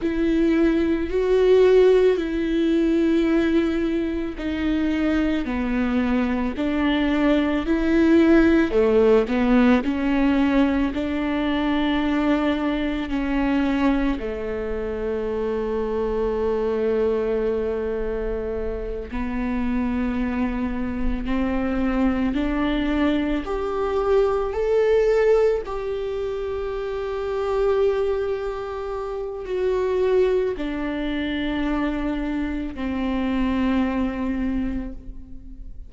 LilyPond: \new Staff \with { instrumentName = "viola" } { \time 4/4 \tempo 4 = 55 e'4 fis'4 e'2 | dis'4 b4 d'4 e'4 | a8 b8 cis'4 d'2 | cis'4 a2.~ |
a4. b2 c'8~ | c'8 d'4 g'4 a'4 g'8~ | g'2. fis'4 | d'2 c'2 | }